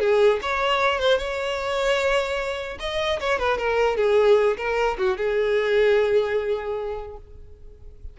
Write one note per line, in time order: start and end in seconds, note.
0.00 0.40 G#4
0.43 1.00 C#5
1.00 1.19 C5
1.19 2.79 C#5
2.80 3.20 D#5
3.20 3.39 C#5
3.39 3.58 B4
3.58 3.97 A#4
3.97 4.57 G#4
4.58 4.98 A#4
4.98 5.18 F#4
5.18 7.18 G#4